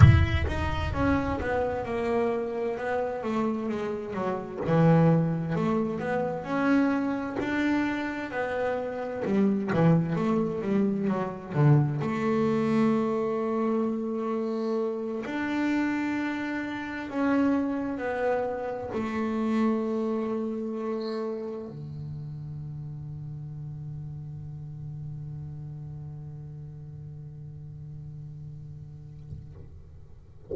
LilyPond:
\new Staff \with { instrumentName = "double bass" } { \time 4/4 \tempo 4 = 65 e'8 dis'8 cis'8 b8 ais4 b8 a8 | gis8 fis8 e4 a8 b8 cis'4 | d'4 b4 g8 e8 a8 g8 | fis8 d8 a2.~ |
a8 d'2 cis'4 b8~ | b8 a2. d8~ | d1~ | d1 | }